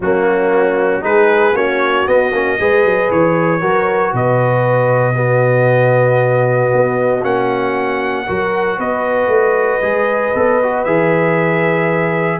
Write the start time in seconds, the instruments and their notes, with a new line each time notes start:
0.00 tuba F#3, trombone A#3, horn C#4, trumpet F#4
1.00 tuba G#3, trombone D#4, horn G#4, trumpet B4
1.54 tuba A#3, trombone C#4, horn F#4, trumpet C#5
2.06 trombone B3, tuba B3, trumpet D#5
2.32 tuba A#3, trombone C#4
2.59 tuba G#3, trombone G#4, horn B4
2.84 tuba F#3
3.10 tuba E3, trumpet C#5
3.60 tuba F#3, trombone F#4, horn A#4
4.13 tuba B2, horn B4, trumpet D#5
5.14 trombone B3, horn F#4
6.73 tuba B3
7.23 tuba A#3, trombone C#4, trumpet F#5
8.26 tuba F#3, trombone F#4, horn A#4
8.78 tuba B3, horn B4, trumpet D#5
9.27 tuba A3
9.81 tuba G#3, trombone G#4
10.34 tuba B3, trombone A4
10.62 trombone F#4
10.84 tuba E3, trombone G#4, trumpet E5